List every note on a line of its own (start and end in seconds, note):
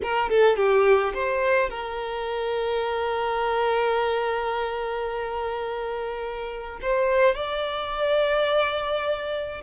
0.02 0.29 A#4
0.29 0.56 A4
0.56 1.13 G4
1.13 1.70 C5
1.70 6.79 A#4
6.81 7.35 C5
7.35 9.61 D5